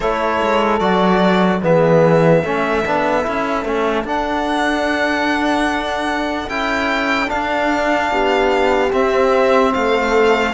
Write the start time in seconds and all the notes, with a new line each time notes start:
0.00 A3 E4 A4 C#5
0.42 G#3
0.79 F#3 F#4 D5
1.62 E3 B3 G#4 E5
2.43 A3 C#4 A4
2.84 B3 D4
3.22 C#4 E4
3.65 A3 C#4
4.04 D4 F#5
6.49 C#4 E4 G5
7.26 D4 F5
8.11 B3 G4
8.92 C4 E5
9.73 A3 A4 F5